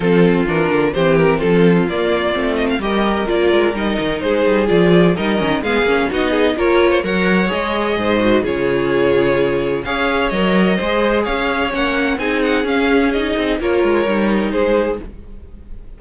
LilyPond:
<<
  \new Staff \with { instrumentName = "violin" } { \time 4/4 \tempo 4 = 128 a'4 ais'4 c''8 ais'8 a'4 | d''4. dis''16 f''16 dis''4 d''4 | dis''4 c''4 d''4 dis''4 | f''4 dis''4 cis''4 fis''4 |
dis''2 cis''2~ | cis''4 f''4 dis''2 | f''4 fis''4 gis''8 fis''8 f''4 | dis''4 cis''2 c''4 | }
  \new Staff \with { instrumentName = "violin" } { \time 4/4 f'2 g'4 f'4~ | f'2 ais'2~ | ais'4 gis'2 ais'4 | gis'4 fis'8 gis'8 ais'8. c''16 cis''4~ |
cis''4 c''4 gis'2~ | gis'4 cis''2 c''4 | cis''2 gis'2~ | gis'4 ais'2 gis'4 | }
  \new Staff \with { instrumentName = "viola" } { \time 4/4 c'4 d'4 c'2 | ais4 c'4 g'4 f'4 | dis'2 f'4 dis'8 cis'8 | b8 cis'8 dis'4 f'4 ais'4 |
gis'4. fis'8 f'2~ | f'4 gis'4 ais'4 gis'4~ | gis'4 cis'4 dis'4 cis'4 | dis'4 f'4 dis'2 | }
  \new Staff \with { instrumentName = "cello" } { \time 4/4 f4 e8 d8 e4 f4 | ais4 a4 g4 ais8 gis8 | g8 dis8 gis8 g8 f4 g8 dis8 | gis8 ais8 b4 ais4 fis4 |
gis4 gis,4 cis2~ | cis4 cis'4 fis4 gis4 | cis'4 ais4 c'4 cis'4~ | cis'8 c'8 ais8 gis8 g4 gis4 | }
>>